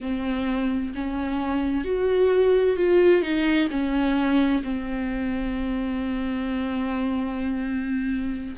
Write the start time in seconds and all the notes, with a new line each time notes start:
0.00 C4
0.94 C#4
1.84 F#4
2.76 F4
3.22 D#4
3.70 C#4
4.63 C4